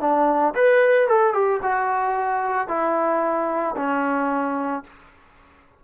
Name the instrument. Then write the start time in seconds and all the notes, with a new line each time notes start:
trombone
0.00 D4
0.55 B4
1.07 A4
1.33 G4
1.62 F#4
2.68 E4
3.76 C#4